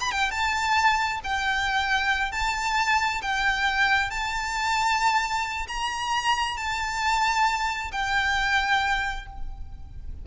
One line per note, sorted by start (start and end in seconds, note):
0.00 0.11 B5
0.11 0.31 G5
0.31 1.20 A5
1.24 2.32 G5
2.32 3.21 A5
3.22 4.10 G5
4.10 5.67 A5
5.68 6.57 A#5
6.57 7.91 A5
7.92 9.26 G5